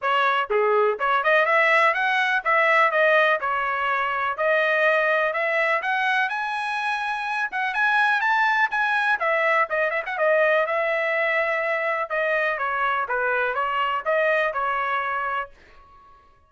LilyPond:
\new Staff \with { instrumentName = "trumpet" } { \time 4/4 \tempo 4 = 124 cis''4 gis'4 cis''8 dis''8 e''4 | fis''4 e''4 dis''4 cis''4~ | cis''4 dis''2 e''4 | fis''4 gis''2~ gis''8 fis''8 |
gis''4 a''4 gis''4 e''4 | dis''8 e''16 fis''16 dis''4 e''2~ | e''4 dis''4 cis''4 b'4 | cis''4 dis''4 cis''2 | }